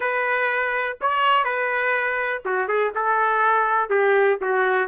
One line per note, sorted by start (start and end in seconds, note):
0.00 0.97 B4
1.01 1.44 C#5
1.44 2.41 B4
2.45 2.68 F#4
2.68 2.92 G#4
2.94 3.89 A4
3.89 4.38 G4
4.41 4.88 F#4